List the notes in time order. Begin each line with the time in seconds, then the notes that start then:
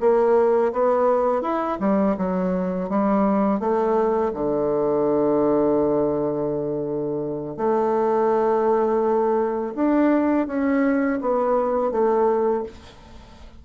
0.00 A#3
0.73 B3
1.42 E4
1.80 G3
2.17 F#3
2.89 G3
3.60 A3
4.34 D3
7.57 A3
9.75 D4
10.47 C#4
11.21 B3
11.91 A3